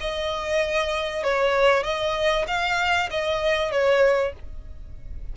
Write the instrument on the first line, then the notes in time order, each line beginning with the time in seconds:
violin
0.00 D#5
1.23 C#5
1.83 D#5
2.47 F5
3.10 D#5
3.71 C#5